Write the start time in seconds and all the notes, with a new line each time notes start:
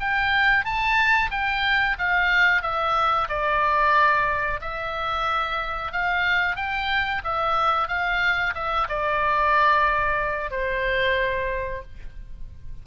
0.00 G5
0.65 A5
1.31 G5
1.99 F5
2.62 E5
3.29 D5
4.61 E5
5.92 F5
6.56 G5
7.24 E5
7.88 F5
8.55 E5
8.89 D5
10.51 C5